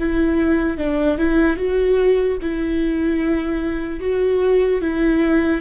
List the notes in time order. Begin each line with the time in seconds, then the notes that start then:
0.00 E4
0.77 D4
1.18 E4
1.57 F#4
2.42 E4
4.00 F#4
4.81 E4